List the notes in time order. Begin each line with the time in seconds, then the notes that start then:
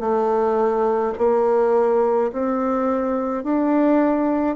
0.00 A3
1.18 A#3
2.32 C4
3.43 D4